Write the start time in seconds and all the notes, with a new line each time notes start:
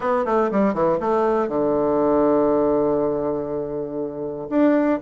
0.00 B3
0.25 A3
0.51 G3
0.74 E3
1.00 A3
1.48 D3
4.49 D4